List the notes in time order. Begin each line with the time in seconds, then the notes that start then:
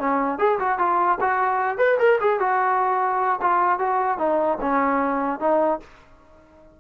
0.00 C#4
0.39 G#4
0.60 F#4
0.79 F4
1.21 F#4
1.78 B4
2.00 A#4
2.21 G#4
2.40 F#4
3.42 F4
3.80 F#4
4.19 D#4
4.61 C#4
5.40 D#4